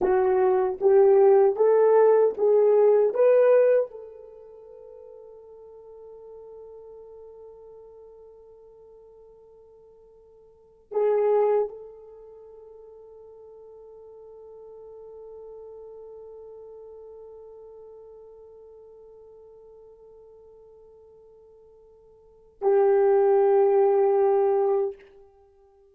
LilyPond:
\new Staff \with { instrumentName = "horn" } { \time 4/4 \tempo 4 = 77 fis'4 g'4 a'4 gis'4 | b'4 a'2.~ | a'1~ | a'2 gis'4 a'4~ |
a'1~ | a'1~ | a'1~ | a'4 g'2. | }